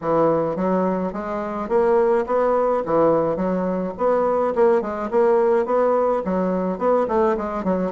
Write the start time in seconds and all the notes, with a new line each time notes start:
0.01 E3
0.56 F#3
1.12 G#3
1.68 A#3
2.26 B3
2.85 E3
3.36 F#3
3.97 B3
4.55 A#3
4.81 G#3
5.10 A#3
5.65 B3
6.24 F#3
6.78 B3
7.08 A3
7.37 G#3
7.64 F#3